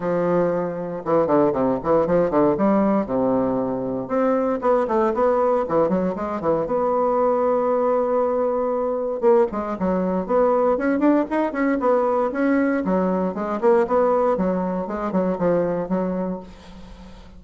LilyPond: \new Staff \with { instrumentName = "bassoon" } { \time 4/4 \tempo 4 = 117 f2 e8 d8 c8 e8 | f8 d8 g4 c2 | c'4 b8 a8 b4 e8 fis8 | gis8 e8 b2.~ |
b2 ais8 gis8 fis4 | b4 cis'8 d'8 dis'8 cis'8 b4 | cis'4 fis4 gis8 ais8 b4 | fis4 gis8 fis8 f4 fis4 | }